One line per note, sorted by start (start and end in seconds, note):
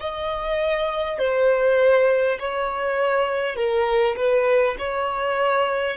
0.00 1.18 D#5
1.18 2.38 C5
2.39 3.56 C#5
3.56 4.16 A#4
4.16 4.76 B4
4.78 5.97 C#5